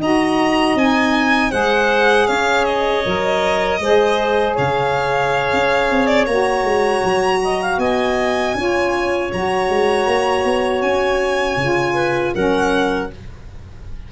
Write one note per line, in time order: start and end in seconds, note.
0.00 0.75 D#4
0.00 0.78 F#4
0.00 1.51 D#5
0.00 0.78 A#5
0.75 1.51 C4
0.75 1.52 D#4
0.75 1.52 G#5
1.51 2.29 G#3
1.51 3.04 G#4
1.51 2.27 C5
1.51 2.28 F#5
2.28 3.05 C#4
2.28 3.80 C#5
2.28 2.65 F5
2.65 4.55 D#5
3.05 3.80 F#3
3.05 3.81 A#4
3.80 4.56 G#3
3.80 6.28 G#4
3.80 4.55 C5
4.55 5.53 C#3
4.55 7.40 C#5
4.55 6.07 F5
5.53 5.91 C#4
5.91 6.27 C4
6.07 6.26 D5
6.27 6.64 A#3
6.27 8.56 F#4
6.27 7.79 A#5
6.64 7.02 G#3
7.04 7.78 F#3
7.44 7.62 D#5
7.62 7.80 F5
7.78 8.54 B3
7.78 8.56 D#5
7.78 9.31 G#5
8.55 9.31 C#4
8.55 9.31 F4
8.55 11.94 C#5
9.31 9.69 F#3
9.31 11.59 F#4
9.31 10.82 A#5
9.69 10.07 G#3
10.07 10.44 A#3
10.44 10.82 B3
10.82 11.57 C#4
10.82 12.34 G#5
11.57 12.33 C#3
11.57 12.36 F4
11.94 12.32 B4
12.34 13.12 F#3
12.34 13.12 C#4
12.34 13.10 A#4
12.34 13.12 F#5